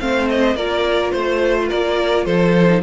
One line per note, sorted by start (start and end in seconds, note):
0.00 0.55 A3
0.00 0.57 C4
0.00 0.57 C5
0.00 0.29 F5
0.29 0.56 D#5
0.55 1.12 A#3
0.55 2.67 F4
0.55 1.12 A#4
0.55 1.12 D5
1.12 1.71 A3
1.12 1.69 C5
1.69 2.26 A#3
1.69 2.25 A#4
1.69 2.25 D5
2.25 2.83 F3
2.25 2.82 A4
2.25 2.82 C5
2.67 2.81 D#4